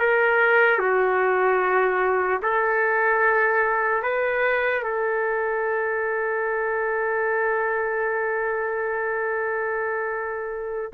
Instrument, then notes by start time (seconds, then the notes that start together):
trumpet
0.00 A#4
0.79 F#4
2.43 A4
4.03 B4
4.84 A4